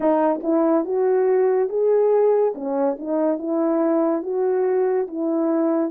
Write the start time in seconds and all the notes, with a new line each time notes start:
0.00 D#4
0.43 E4
0.85 F#4
1.69 G#4
2.54 C#4
2.98 D#4
3.38 E4
4.22 F#4
5.07 E4